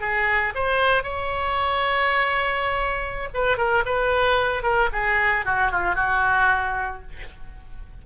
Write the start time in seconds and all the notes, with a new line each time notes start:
0.00 G#4
0.54 C5
1.03 C#5
3.34 B4
3.57 A#4
3.85 B4
4.62 A#4
4.92 G#4
5.45 F#4
5.72 F4
5.95 F#4